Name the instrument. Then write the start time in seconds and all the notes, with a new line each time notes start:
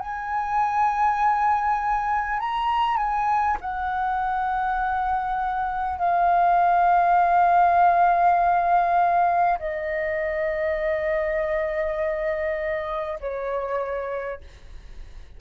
flute
0.00 G#5
2.39 A#5
2.97 G#5
3.61 F#5
5.99 F5
9.59 D#5
13.21 C#5